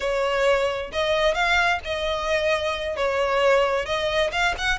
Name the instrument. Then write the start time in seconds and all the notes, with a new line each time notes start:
violin
0.00 C#5
0.92 D#5
1.34 F5
1.84 D#5
2.96 C#5
3.85 D#5
4.32 F5
4.57 F#5